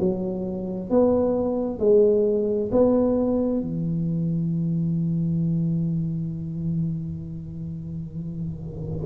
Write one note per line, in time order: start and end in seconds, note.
0.00 0.90 F#3
0.90 1.80 B3
1.80 2.71 G#3
2.72 3.62 B3
3.62 9.06 E3